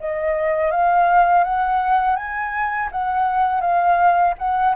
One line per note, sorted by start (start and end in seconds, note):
0.00 0.72 D#5
0.72 1.44 F5
1.44 2.16 F#5
2.16 2.89 G#5
2.91 3.61 F#5
3.61 4.34 F5
4.39 4.75 F#5